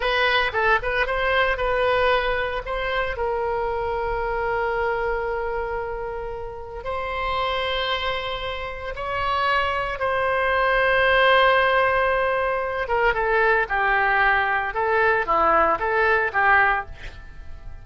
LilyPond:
\new Staff \with { instrumentName = "oboe" } { \time 4/4 \tempo 4 = 114 b'4 a'8 b'8 c''4 b'4~ | b'4 c''4 ais'2~ | ais'1~ | ais'4 c''2.~ |
c''4 cis''2 c''4~ | c''1~ | c''8 ais'8 a'4 g'2 | a'4 e'4 a'4 g'4 | }